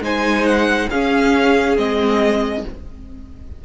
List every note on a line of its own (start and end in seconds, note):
0.00 0.87 G#3
0.00 0.89 D#4
0.00 0.89 C5
0.00 0.46 G#5
0.46 0.89 F#5
0.89 1.77 C#4
0.89 2.63 G#4
0.89 1.77 F5
1.77 2.64 G#3
1.77 2.64 C4
1.77 2.65 D#5